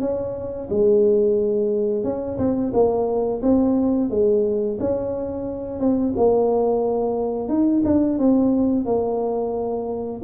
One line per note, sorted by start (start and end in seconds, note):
0.00 0.68 C#4
0.70 2.04 G#3
2.04 2.38 C#4
2.38 2.72 C4
2.73 3.42 A#3
3.42 4.10 C4
4.10 4.78 G#3
4.80 5.80 C#4
5.80 6.14 C4
6.17 7.49 A#3
7.49 7.83 D#4
7.85 8.18 D4
8.18 8.85 C4
8.85 10.22 A#3